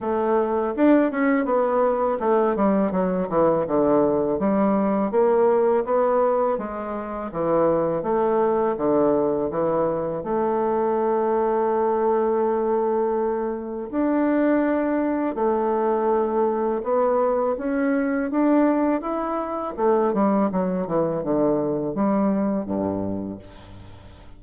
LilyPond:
\new Staff \with { instrumentName = "bassoon" } { \time 4/4 \tempo 4 = 82 a4 d'8 cis'8 b4 a8 g8 | fis8 e8 d4 g4 ais4 | b4 gis4 e4 a4 | d4 e4 a2~ |
a2. d'4~ | d'4 a2 b4 | cis'4 d'4 e'4 a8 g8 | fis8 e8 d4 g4 g,4 | }